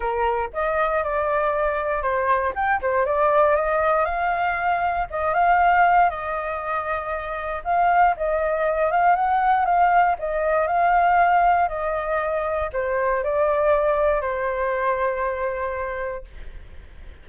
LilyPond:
\new Staff \with { instrumentName = "flute" } { \time 4/4 \tempo 4 = 118 ais'4 dis''4 d''2 | c''4 g''8 c''8 d''4 dis''4 | f''2 dis''8 f''4. | dis''2. f''4 |
dis''4. f''8 fis''4 f''4 | dis''4 f''2 dis''4~ | dis''4 c''4 d''2 | c''1 | }